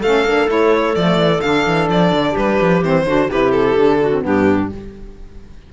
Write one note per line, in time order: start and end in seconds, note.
0.00 0.25 A3
0.00 0.27 C#4
0.00 2.32 A4
0.00 0.50 F5
0.25 0.48 A#3
0.25 0.48 D4
0.48 0.96 A3
0.48 0.95 E4
0.48 0.96 C#5
0.95 1.17 F3
0.95 1.42 A3
0.95 1.41 D5
1.17 1.41 E3
1.41 1.66 D3
1.41 2.83 D4
1.41 1.88 F5
1.67 1.89 E3
1.89 2.12 F3
1.89 2.36 D5
2.12 2.35 D3
2.32 2.60 G3
2.32 3.02 G4
2.32 2.83 B4
2.61 2.82 F3
2.82 3.06 E3
2.82 3.06 C4
2.82 3.31 C5
3.06 3.29 D3
3.06 3.30 D4
3.06 3.29 F#4
3.29 3.76 C3
3.29 3.77 E4
3.29 4.00 G4
3.29 3.51 B4
3.51 4.22 A4
3.76 4.23 D3
3.76 4.12 D4
4.00 4.23 F#4
4.12 4.22 C4
4.22 4.72 G2
4.22 4.69 B3
4.22 4.70 D4
4.22 4.73 G4